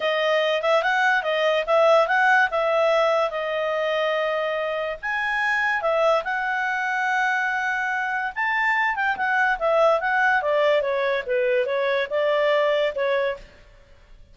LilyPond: \new Staff \with { instrumentName = "clarinet" } { \time 4/4 \tempo 4 = 144 dis''4. e''8 fis''4 dis''4 | e''4 fis''4 e''2 | dis''1 | gis''2 e''4 fis''4~ |
fis''1 | a''4. g''8 fis''4 e''4 | fis''4 d''4 cis''4 b'4 | cis''4 d''2 cis''4 | }